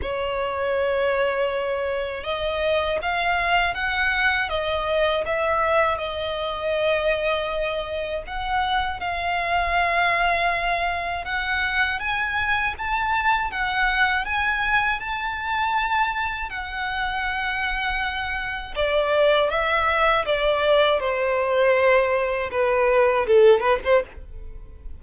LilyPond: \new Staff \with { instrumentName = "violin" } { \time 4/4 \tempo 4 = 80 cis''2. dis''4 | f''4 fis''4 dis''4 e''4 | dis''2. fis''4 | f''2. fis''4 |
gis''4 a''4 fis''4 gis''4 | a''2 fis''2~ | fis''4 d''4 e''4 d''4 | c''2 b'4 a'8 b'16 c''16 | }